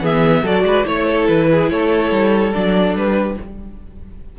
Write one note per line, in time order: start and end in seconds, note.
0.00 0.42 E3
0.00 0.44 B3
0.00 0.43 G#4
0.00 0.46 E5
0.42 0.63 F#3
0.42 0.84 F#4
0.42 0.64 A4
0.42 0.87 D5
0.63 0.84 G#3
0.63 0.86 B4
0.84 1.28 A3
0.84 2.52 E4
0.84 1.06 C#5
0.84 1.28 C#5
1.06 1.48 A4
1.28 1.70 E3
1.28 1.69 B4
1.51 1.72 G#4
1.69 2.11 A3
1.69 3.16 A4
1.69 2.53 C#5
2.11 2.53 G3
2.53 2.95 F#3
2.53 3.37 D4
2.53 2.95 D5
2.95 3.37 G3
2.95 3.38 B4
3.16 3.37 G4